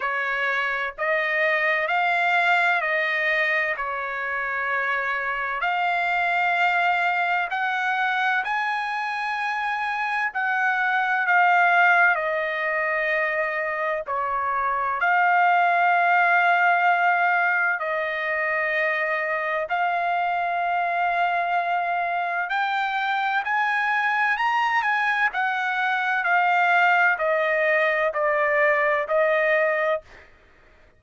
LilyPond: \new Staff \with { instrumentName = "trumpet" } { \time 4/4 \tempo 4 = 64 cis''4 dis''4 f''4 dis''4 | cis''2 f''2 | fis''4 gis''2 fis''4 | f''4 dis''2 cis''4 |
f''2. dis''4~ | dis''4 f''2. | g''4 gis''4 ais''8 gis''8 fis''4 | f''4 dis''4 d''4 dis''4 | }